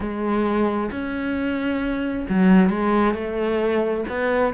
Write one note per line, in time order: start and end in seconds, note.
0.00 0.90 G#3
0.91 2.26 C#4
2.29 2.69 F#3
2.69 3.14 G#3
3.14 4.04 A3
4.08 4.54 B3